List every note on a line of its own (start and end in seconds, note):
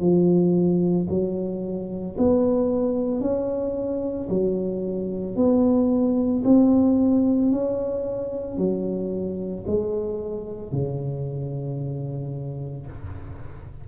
0.00 1.07 F3
1.10 2.17 F#3
2.18 3.21 B3
3.21 4.28 C#4
4.30 5.36 F#3
5.36 6.43 B3
6.45 7.51 C4
7.51 8.58 C#4
8.58 9.65 F#3
9.67 10.72 G#3
10.72 12.87 C#3